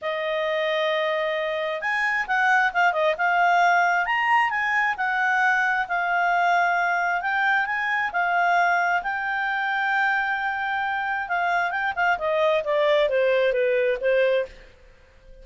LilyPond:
\new Staff \with { instrumentName = "clarinet" } { \time 4/4 \tempo 4 = 133 dis''1 | gis''4 fis''4 f''8 dis''8 f''4~ | f''4 ais''4 gis''4 fis''4~ | fis''4 f''2. |
g''4 gis''4 f''2 | g''1~ | g''4 f''4 g''8 f''8 dis''4 | d''4 c''4 b'4 c''4 | }